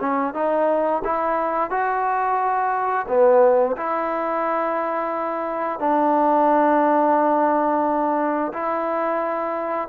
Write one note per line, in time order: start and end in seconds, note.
0.00 0.34 C#4
0.34 1.02 D#4
1.04 1.70 E4
1.70 3.07 F#4
3.08 3.76 B3
3.77 5.80 E4
5.80 8.52 D4
8.53 9.88 E4